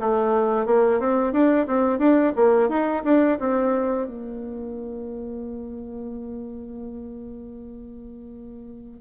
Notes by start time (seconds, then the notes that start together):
0.00 A3
0.66 A#3
1.00 C4
1.33 D4
1.67 C4
1.99 D4
2.36 A#3
2.69 D#4
3.05 D4
3.40 C4
4.07 A#3